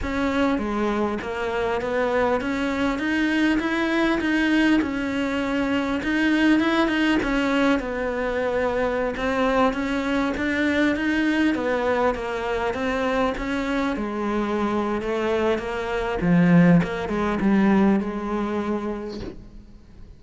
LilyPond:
\new Staff \with { instrumentName = "cello" } { \time 4/4 \tempo 4 = 100 cis'4 gis4 ais4 b4 | cis'4 dis'4 e'4 dis'4 | cis'2 dis'4 e'8 dis'8 | cis'4 b2~ b16 c'8.~ |
c'16 cis'4 d'4 dis'4 b8.~ | b16 ais4 c'4 cis'4 gis8.~ | gis4 a4 ais4 f4 | ais8 gis8 g4 gis2 | }